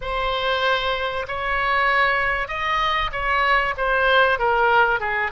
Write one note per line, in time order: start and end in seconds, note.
0.01 1.26 C5
1.27 2.48 C#5
2.48 3.10 D#5
3.12 3.74 C#5
3.77 4.39 C5
4.39 5.00 A#4
5.00 5.31 G#4